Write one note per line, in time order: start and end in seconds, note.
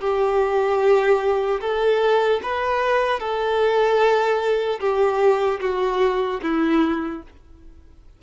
0.00 1.60 G4
1.60 2.40 A4
2.43 3.19 B4
3.19 4.79 A4
4.80 5.60 G4
5.60 6.40 F#4
6.42 7.22 E4